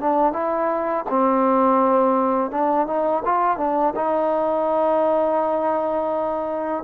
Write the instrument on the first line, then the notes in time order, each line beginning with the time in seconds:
trombone
0.00 D4
0.33 E4
1.09 C4
2.51 D4
2.87 D#4
3.25 F4
3.58 D4
3.96 D#4